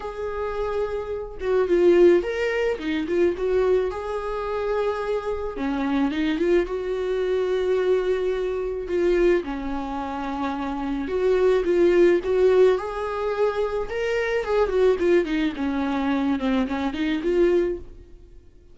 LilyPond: \new Staff \with { instrumentName = "viola" } { \time 4/4 \tempo 4 = 108 gis'2~ gis'8 fis'8 f'4 | ais'4 dis'8 f'8 fis'4 gis'4~ | gis'2 cis'4 dis'8 f'8 | fis'1 |
f'4 cis'2. | fis'4 f'4 fis'4 gis'4~ | gis'4 ais'4 gis'8 fis'8 f'8 dis'8 | cis'4. c'8 cis'8 dis'8 f'4 | }